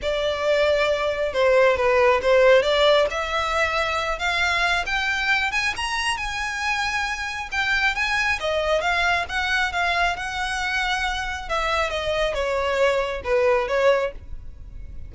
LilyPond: \new Staff \with { instrumentName = "violin" } { \time 4/4 \tempo 4 = 136 d''2. c''4 | b'4 c''4 d''4 e''4~ | e''4. f''4. g''4~ | g''8 gis''8 ais''4 gis''2~ |
gis''4 g''4 gis''4 dis''4 | f''4 fis''4 f''4 fis''4~ | fis''2 e''4 dis''4 | cis''2 b'4 cis''4 | }